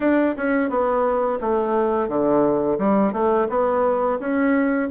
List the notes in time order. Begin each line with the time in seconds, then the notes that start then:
0.00 D4
0.36 C#4
0.69 B3
1.40 A3
2.08 D3
2.78 G3
3.12 A3
3.49 B3
4.19 C#4